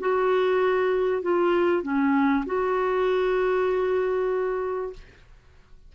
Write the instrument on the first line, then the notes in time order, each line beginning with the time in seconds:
clarinet
0.00 F#4
1.22 F4
1.83 C#4
2.46 F#4